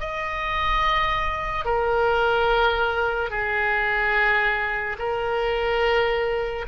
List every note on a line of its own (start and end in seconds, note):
0.00 1.65 D#5
1.65 3.30 A#4
3.30 4.97 G#4
4.99 6.66 A#4